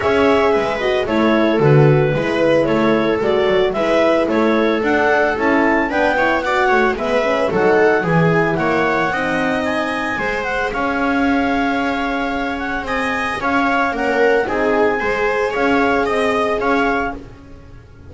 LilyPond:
<<
  \new Staff \with { instrumentName = "clarinet" } { \time 4/4 \tempo 4 = 112 e''4. dis''8 cis''4 b'4~ | b'4 cis''4 d''4 e''4 | cis''4 fis''4 a''4 g''4 | fis''4 e''4 fis''4 gis''4 |
fis''2 gis''4. fis''8 | f''2.~ f''8 fis''8 | gis''4 f''4 fis''4 gis''4~ | gis''4 f''4 dis''4 f''4 | }
  \new Staff \with { instrumentName = "viola" } { \time 4/4 cis''4 b'4 a'2 | b'4 a'2 b'4 | a'2. b'8 cis''8 | d''8 cis''8 b'4 a'4 gis'4 |
cis''4 dis''2 c''4 | cis''1 | dis''4 cis''4 ais'4 gis'4 | c''4 cis''4 dis''4 cis''4 | }
  \new Staff \with { instrumentName = "horn" } { \time 4/4 gis'4. fis'8 e'4 fis'4 | e'2 fis'4 e'4~ | e'4 d'4 e'4 d'8 e'8 | fis'4 b8 cis'8 dis'4 e'4~ |
e'4 dis'2 gis'4~ | gis'1~ | gis'2 cis'4 dis'4 | gis'1 | }
  \new Staff \with { instrumentName = "double bass" } { \time 4/4 cis'4 gis4 a4 d4 | gis4 a4 gis8 fis8 gis4 | a4 d'4 cis'4 b4~ | b8 a8 gis4 fis4 e4 |
ais4 c'2 gis4 | cis'1 | c'4 cis'4 ais4 c'4 | gis4 cis'4 c'4 cis'4 | }
>>